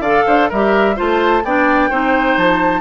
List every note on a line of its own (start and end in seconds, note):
0.00 0.23 D3
0.00 0.52 A4
0.00 0.24 D5
0.00 0.49 F5
0.26 0.51 D4
0.26 0.49 C5
0.49 0.99 G3
0.49 0.96 G4
0.49 0.96 A#4
0.49 0.98 E5
0.96 1.44 A3
0.96 1.43 F4
0.96 1.43 C5
0.96 1.45 A5
1.44 1.91 B3
1.44 1.91 D4
1.44 1.90 D5
1.44 2.38 G5
1.90 2.37 C4
1.90 2.81 D#4
1.90 2.81 C5
2.37 2.81 F3
2.37 2.81 A5